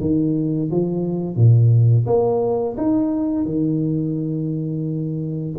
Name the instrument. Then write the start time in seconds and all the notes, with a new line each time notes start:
tuba
0.00 D#3
0.70 F3
1.36 A#2
2.06 A#3
2.77 D#4
3.45 D#3